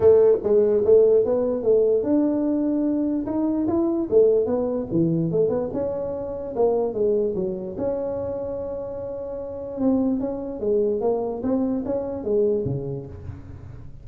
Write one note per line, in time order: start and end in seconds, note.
0.00 0.38 A3
0.43 0.84 G#3
0.84 1.24 A3
1.24 1.62 B3
1.62 2.03 A3
2.03 3.25 D4
3.26 3.66 D#4
3.67 4.08 E4
4.10 4.46 A3
4.46 4.86 B3
4.91 5.31 E3
5.31 5.49 A3
5.49 5.69 B3
5.73 6.54 C#4
6.55 6.93 A#3
6.93 7.34 G#3
7.35 7.76 F#3
7.77 9.80 C#4
9.80 10.19 C4
10.19 10.59 C#4
10.59 11.00 G#3
11.01 11.41 A#3
11.42 11.83 C4
11.85 12.24 C#4
12.24 12.65 G#3
12.65 13.05 C#3